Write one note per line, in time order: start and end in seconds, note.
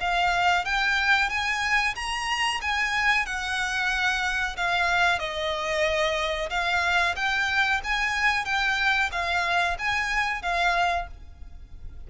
0.00 0.65 F5
0.65 1.29 G5
1.29 1.94 G#5
1.95 2.60 A#5
2.61 3.25 G#5
3.25 4.56 F#5
4.56 5.19 F5
5.19 6.49 D#5
6.50 7.15 F5
7.15 7.81 G5
7.83 8.45 G#5
8.45 9.10 G5
9.12 9.77 F5
9.79 10.42 G#5
10.42 11.07 F5